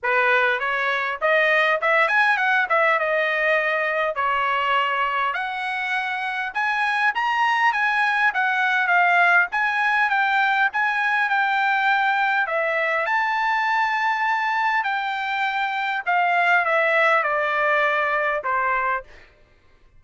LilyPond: \new Staff \with { instrumentName = "trumpet" } { \time 4/4 \tempo 4 = 101 b'4 cis''4 dis''4 e''8 gis''8 | fis''8 e''8 dis''2 cis''4~ | cis''4 fis''2 gis''4 | ais''4 gis''4 fis''4 f''4 |
gis''4 g''4 gis''4 g''4~ | g''4 e''4 a''2~ | a''4 g''2 f''4 | e''4 d''2 c''4 | }